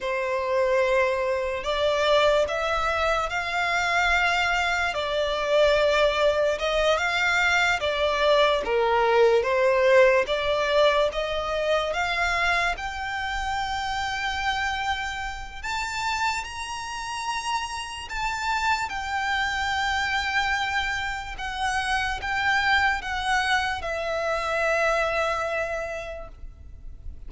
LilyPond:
\new Staff \with { instrumentName = "violin" } { \time 4/4 \tempo 4 = 73 c''2 d''4 e''4 | f''2 d''2 | dis''8 f''4 d''4 ais'4 c''8~ | c''8 d''4 dis''4 f''4 g''8~ |
g''2. a''4 | ais''2 a''4 g''4~ | g''2 fis''4 g''4 | fis''4 e''2. | }